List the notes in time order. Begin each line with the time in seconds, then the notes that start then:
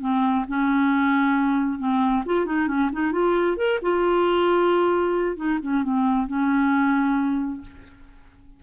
0.00 C4
0.48 C#4
1.78 C4
2.25 F4
2.45 D#4
2.67 C#4
2.92 D#4
3.12 F4
3.57 A#4
3.82 F4
5.36 D#4
5.62 C#4
5.83 C4
6.26 C#4